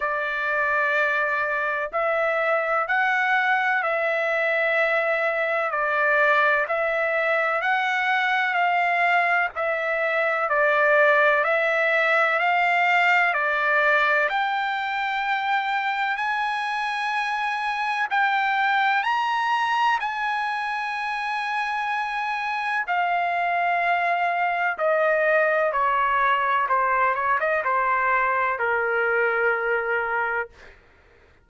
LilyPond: \new Staff \with { instrumentName = "trumpet" } { \time 4/4 \tempo 4 = 63 d''2 e''4 fis''4 | e''2 d''4 e''4 | fis''4 f''4 e''4 d''4 | e''4 f''4 d''4 g''4~ |
g''4 gis''2 g''4 | ais''4 gis''2. | f''2 dis''4 cis''4 | c''8 cis''16 dis''16 c''4 ais'2 | }